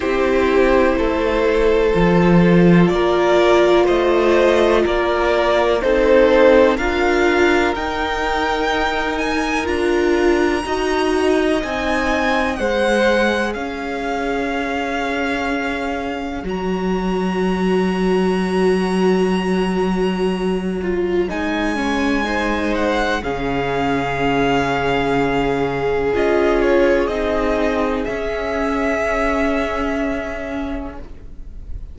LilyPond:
<<
  \new Staff \with { instrumentName = "violin" } { \time 4/4 \tempo 4 = 62 c''2. d''4 | dis''4 d''4 c''4 f''4 | g''4. gis''8 ais''2 | gis''4 fis''4 f''2~ |
f''4 ais''2.~ | ais''2 gis''4. fis''8 | f''2. dis''8 cis''8 | dis''4 e''2. | }
  \new Staff \with { instrumentName = "violin" } { \time 4/4 g'4 a'2 ais'4 | c''4 ais'4 a'4 ais'4~ | ais'2. dis''4~ | dis''4 c''4 cis''2~ |
cis''1~ | cis''2. c''4 | gis'1~ | gis'1 | }
  \new Staff \with { instrumentName = "viola" } { \time 4/4 e'2 f'2~ | f'2 dis'4 f'4 | dis'2 f'4 fis'4 | dis'4 gis'2.~ |
gis'4 fis'2.~ | fis'4. f'8 dis'8 cis'8 dis'4 | cis'2. f'4 | dis'4 cis'2. | }
  \new Staff \with { instrumentName = "cello" } { \time 4/4 c'4 a4 f4 ais4 | a4 ais4 c'4 d'4 | dis'2 d'4 dis'4 | c'4 gis4 cis'2~ |
cis'4 fis2.~ | fis2 gis2 | cis2. cis'4 | c'4 cis'2. | }
>>